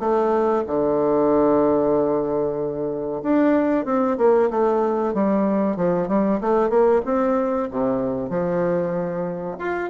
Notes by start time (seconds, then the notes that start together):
0.00 A3
0.67 D3
3.23 D4
3.86 C4
4.18 A#3
4.51 A3
5.15 G3
5.77 F3
6.09 G3
6.41 A3
6.70 A#3
7.06 C4
7.71 C3
8.30 F3
9.59 F4